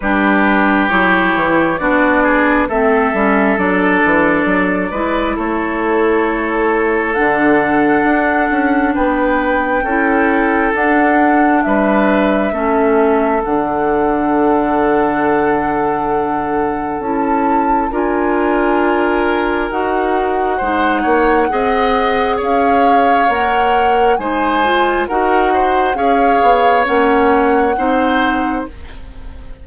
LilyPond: <<
  \new Staff \with { instrumentName = "flute" } { \time 4/4 \tempo 4 = 67 b'4 cis''4 d''4 e''4 | d''2 cis''2 | fis''2 g''2 | fis''4 e''2 fis''4~ |
fis''2. a''4 | gis''2 fis''2~ | fis''4 f''4 fis''4 gis''4 | fis''4 f''4 fis''2 | }
  \new Staff \with { instrumentName = "oboe" } { \time 4/4 g'2 fis'8 gis'8 a'4~ | a'4. b'8 a'2~ | a'2 b'4 a'4~ | a'4 b'4 a'2~ |
a'1 | ais'2. c''8 cis''8 | dis''4 cis''2 c''4 | ais'8 c''8 cis''2 c''4 | }
  \new Staff \with { instrumentName = "clarinet" } { \time 4/4 d'4 e'4 d'4 c'8 cis'8 | d'4. e'2~ e'8 | d'2. e'4 | d'2 cis'4 d'4~ |
d'2. e'4 | f'2 fis'4 dis'4 | gis'2 ais'4 dis'8 f'8 | fis'4 gis'4 cis'4 dis'4 | }
  \new Staff \with { instrumentName = "bassoon" } { \time 4/4 g4 fis8 e8 b4 a8 g8 | fis8 e8 fis8 gis8 a2 | d4 d'8 cis'8 b4 cis'4 | d'4 g4 a4 d4~ |
d2. cis'4 | d'2 dis'4 gis8 ais8 | c'4 cis'4 ais4 gis4 | dis'4 cis'8 b8 ais4 c'4 | }
>>